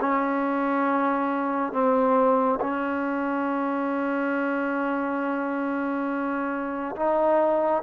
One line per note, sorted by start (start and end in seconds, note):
0.00 1.72 C#4
1.72 2.59 C4
2.61 6.96 C#4
6.96 7.83 D#4